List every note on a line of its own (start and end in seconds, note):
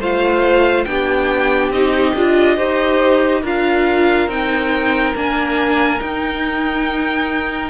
0.00 0.86 A3
0.00 0.87 F4
0.00 0.86 C5
0.00 0.85 F5
0.85 1.70 B3
0.85 1.73 D4
0.85 2.57 G4
0.85 1.71 G5
1.70 2.13 C4
1.70 2.16 D#4
1.70 3.44 D#5
2.16 2.58 D4
2.16 2.57 F4
2.57 3.43 D#4
2.57 3.43 G4
2.57 3.42 C5
3.42 4.28 D4
3.42 4.30 F4
3.42 7.70 A#4
3.42 4.30 F5
4.28 5.14 C4
4.28 5.15 D#4
4.28 5.16 G5
5.15 6.01 A#3
5.15 5.99 D4
5.15 6.01 G#5
5.99 7.70 D#4
5.99 7.70 G5